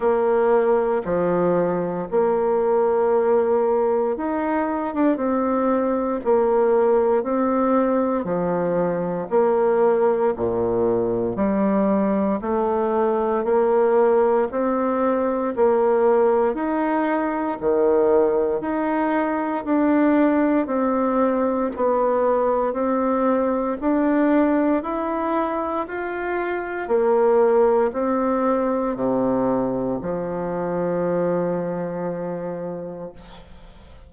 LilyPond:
\new Staff \with { instrumentName = "bassoon" } { \time 4/4 \tempo 4 = 58 ais4 f4 ais2 | dis'8. d'16 c'4 ais4 c'4 | f4 ais4 ais,4 g4 | a4 ais4 c'4 ais4 |
dis'4 dis4 dis'4 d'4 | c'4 b4 c'4 d'4 | e'4 f'4 ais4 c'4 | c4 f2. | }